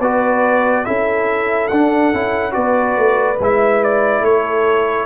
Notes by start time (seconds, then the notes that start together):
0.00 B3 F#4 B4 D5
0.85 C#4 E4 A4 E5
1.68 D4 F#5
2.14 C#4 E4
2.52 B3 F#4 B4 D5
2.98 A3
3.40 G#3 E4 E5
3.84 D5
4.21 A3 A4 C#5